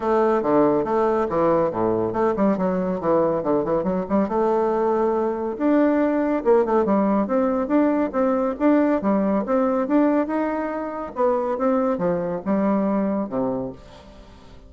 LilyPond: \new Staff \with { instrumentName = "bassoon" } { \time 4/4 \tempo 4 = 140 a4 d4 a4 e4 | a,4 a8 g8 fis4 e4 | d8 e8 fis8 g8 a2~ | a4 d'2 ais8 a8 |
g4 c'4 d'4 c'4 | d'4 g4 c'4 d'4 | dis'2 b4 c'4 | f4 g2 c4 | }